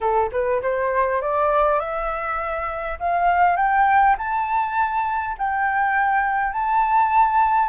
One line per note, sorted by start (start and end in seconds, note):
0.01 0.30 A4
0.32 0.61 B4
0.62 1.21 C5
1.21 1.79 D5
1.79 2.98 E5
2.99 3.56 F5
3.56 4.16 G5
4.17 5.36 A5
5.38 6.52 G5
6.52 7.69 A5